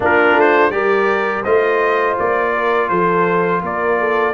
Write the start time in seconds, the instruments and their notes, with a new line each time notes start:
0.00 tuba A#3, trombone D4, horn F4, trumpet A#4
0.34 tuba A3, trumpet C5
0.70 tuba G3, trombone G4, horn A#4, trumpet D5
1.43 tuba A3, trombone F4, horn C5, trumpet D#5
2.19 tuba A#3, trumpet D5
2.53 horn A#4
2.88 tuba F3, horn A4, trumpet C5
3.62 tuba A#3, horn A#4, trumpet D5
3.99 horn A4